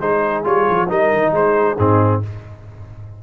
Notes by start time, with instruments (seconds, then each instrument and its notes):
0.00 tuba G#3, trombone D#4, horn G#4, trumpet C5
0.44 tuba G3, trombone F4, trumpet C#5
0.69 tuba F3
0.87 tuba G3, trombone D#4, horn A#4, trumpet D#5
1.12 tuba D#3
1.32 tuba G#3, horn G#4, trumpet C5
1.76 tuba G#2, trombone C4, horn D#4, trumpet G#4